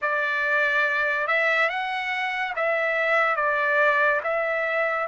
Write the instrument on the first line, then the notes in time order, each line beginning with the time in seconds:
trumpet
0.01 D5
1.27 E5
1.69 F#5
2.56 E5
3.36 D5
4.23 E5